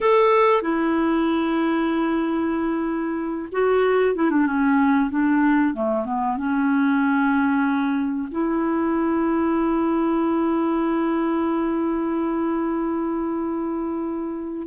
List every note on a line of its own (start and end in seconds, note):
0.00 0.62 A4
0.62 3.49 E4
3.51 4.15 F#4
4.15 4.30 E4
4.30 4.46 D4
4.46 5.10 C#4
5.10 5.74 D4
5.74 6.05 A3
6.05 6.37 B3
6.37 8.28 C#4
8.31 14.67 E4